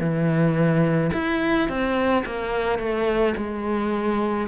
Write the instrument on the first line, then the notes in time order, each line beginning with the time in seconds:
cello
0.00 E3
1.13 E4
1.69 C4
2.26 A#3
2.79 A3
3.37 G#3